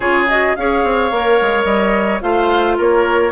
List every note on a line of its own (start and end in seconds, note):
0.00 0.54 C#3
0.00 0.28 F4
0.00 0.55 G#4
0.00 0.27 C#5
0.28 0.56 F#4
0.28 0.55 D#5
0.55 0.83 C#4
0.55 1.12 G#4
0.55 2.22 C#5
0.55 1.64 F5
0.83 1.11 C4
1.11 1.38 A#3
1.11 2.21 A#4
1.41 1.65 G#3
1.64 2.20 G3
1.64 2.19 D#5
2.21 2.78 A3
2.21 3.31 F4
2.21 2.77 C5
2.21 2.77 F5
2.77 3.31 A#3
2.77 3.31 A#4
2.77 3.31 C#5